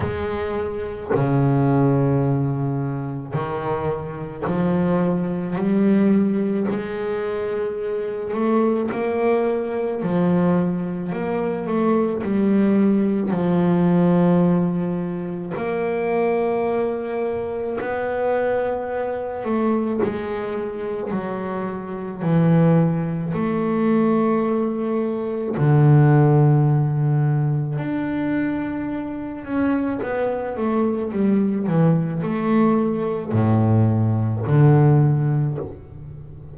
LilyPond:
\new Staff \with { instrumentName = "double bass" } { \time 4/4 \tempo 4 = 54 gis4 cis2 dis4 | f4 g4 gis4. a8 | ais4 f4 ais8 a8 g4 | f2 ais2 |
b4. a8 gis4 fis4 | e4 a2 d4~ | d4 d'4. cis'8 b8 a8 | g8 e8 a4 a,4 d4 | }